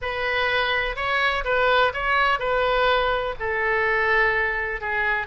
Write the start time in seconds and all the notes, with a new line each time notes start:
0.01 B4
0.96 C#5
1.44 B4
1.93 C#5
2.39 B4
3.39 A4
4.80 G#4